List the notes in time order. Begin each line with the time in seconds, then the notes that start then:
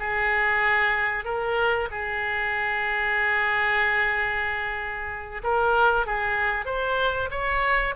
0.00 G#4
1.25 A#4
1.91 G#4
5.44 A#4
6.07 G#4
6.66 C5
7.31 C#5